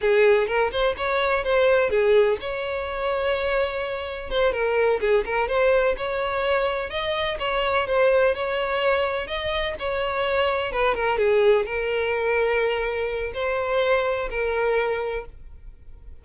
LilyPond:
\new Staff \with { instrumentName = "violin" } { \time 4/4 \tempo 4 = 126 gis'4 ais'8 c''8 cis''4 c''4 | gis'4 cis''2.~ | cis''4 c''8 ais'4 gis'8 ais'8 c''8~ | c''8 cis''2 dis''4 cis''8~ |
cis''8 c''4 cis''2 dis''8~ | dis''8 cis''2 b'8 ais'8 gis'8~ | gis'8 ais'2.~ ais'8 | c''2 ais'2 | }